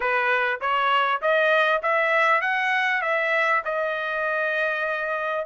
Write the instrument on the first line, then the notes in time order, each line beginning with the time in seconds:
trumpet
0.00 B4
0.60 C#5
1.21 D#5
1.82 E5
2.41 F#5
3.01 E5
3.64 D#5